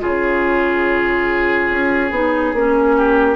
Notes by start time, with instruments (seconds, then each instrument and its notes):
0.00 bassoon C#3, clarinet F4, oboe G#4, flute C#5
1.70 bassoon C#4
2.11 bassoon B3, clarinet D#4
2.53 bassoon A#3, clarinet C#4
2.97 oboe G4